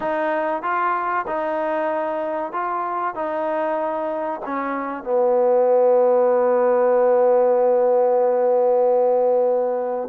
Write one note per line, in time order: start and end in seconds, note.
0.00 0.62 D#4
0.62 1.25 F4
1.27 2.52 D#4
2.52 3.14 F4
3.14 4.40 D#4
4.45 5.03 C#4
5.03 10.08 B3